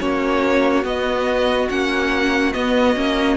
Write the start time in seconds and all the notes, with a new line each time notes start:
0.00 A#3 C#4 F#4 C#5
0.84 B3 D#5
1.70 A#3 C#4 F#5
2.53 B3 D#5
2.96 A#3 C#4